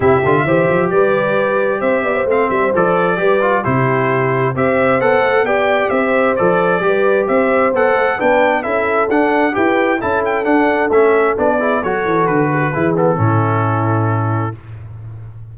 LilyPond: <<
  \new Staff \with { instrumentName = "trumpet" } { \time 4/4 \tempo 4 = 132 e''2 d''2 | e''4 f''8 e''8 d''2 | c''2 e''4 fis''4 | g''4 e''4 d''2 |
e''4 fis''4 g''4 e''4 | fis''4 g''4 a''8 g''8 fis''4 | e''4 d''4 cis''4 b'4~ | b'8 a'2.~ a'8 | }
  \new Staff \with { instrumentName = "horn" } { \time 4/4 g'4 c''4 b'2 | c''8 d''16 c''2~ c''16 b'4 | g'2 c''2 | d''4 c''2 b'4 |
c''2 b'4 a'4~ | a'4 b'4 a'2~ | a'4. gis'8 a'4. gis'16 fis'16 | gis'4 e'2. | }
  \new Staff \with { instrumentName = "trombone" } { \time 4/4 e'8 f'8 g'2.~ | g'4 c'4 a'4 g'8 f'8 | e'2 g'4 a'4 | g'2 a'4 g'4~ |
g'4 a'4 d'4 e'4 | d'4 g'4 e'4 d'4 | cis'4 d'8 e'8 fis'2 | e'8 b8 cis'2. | }
  \new Staff \with { instrumentName = "tuba" } { \time 4/4 c8 d8 e8 f8 g2 | c'8 b8 a8 g8 f4 g4 | c2 c'4 b8 a8 | b4 c'4 f4 g4 |
c'4 b8 a8 b4 cis'4 | d'4 e'4 cis'4 d'4 | a4 b4 fis8 e8 d4 | e4 a,2. | }
>>